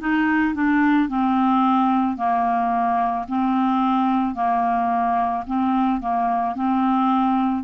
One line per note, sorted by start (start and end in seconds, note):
0.00 0.55 D#4
0.55 1.09 D4
1.09 2.17 C4
2.17 3.26 A#3
3.28 4.35 C4
4.35 5.44 A#3
5.46 6.00 C4
6.00 6.55 A#3
6.55 7.64 C4